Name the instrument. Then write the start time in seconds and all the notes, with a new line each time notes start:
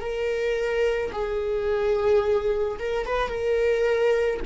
viola
0.00 A#4
1.12 G#4
2.79 A#4
3.06 B4
3.29 A#4